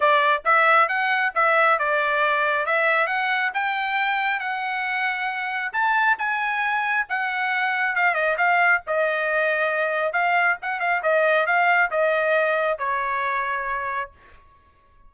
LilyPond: \new Staff \with { instrumentName = "trumpet" } { \time 4/4 \tempo 4 = 136 d''4 e''4 fis''4 e''4 | d''2 e''4 fis''4 | g''2 fis''2~ | fis''4 a''4 gis''2 |
fis''2 f''8 dis''8 f''4 | dis''2. f''4 | fis''8 f''8 dis''4 f''4 dis''4~ | dis''4 cis''2. | }